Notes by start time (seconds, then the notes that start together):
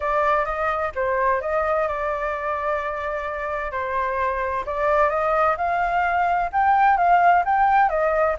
0.00 D5
0.45 D#5
0.95 C5
1.41 D#5
1.88 D5
3.71 C5
4.66 D5
5.09 D#5
5.57 F5
6.52 G5
6.97 F5
7.45 G5
7.89 D#5